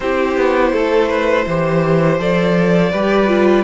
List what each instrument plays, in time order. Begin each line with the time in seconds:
0.00 cello C4, viola E4, violin G4 C5
0.37 cello B3
0.73 cello A3, violin A4
1.08 violin B4
1.46 cello E3, viola G4, violin C5
2.19 cello F3, viola A4, violin D5
2.91 cello G3, viola G4, violin B4
3.27 viola F4